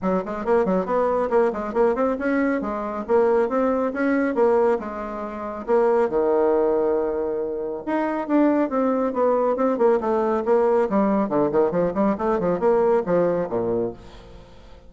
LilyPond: \new Staff \with { instrumentName = "bassoon" } { \time 4/4 \tempo 4 = 138 fis8 gis8 ais8 fis8 b4 ais8 gis8 | ais8 c'8 cis'4 gis4 ais4 | c'4 cis'4 ais4 gis4~ | gis4 ais4 dis2~ |
dis2 dis'4 d'4 | c'4 b4 c'8 ais8 a4 | ais4 g4 d8 dis8 f8 g8 | a8 f8 ais4 f4 ais,4 | }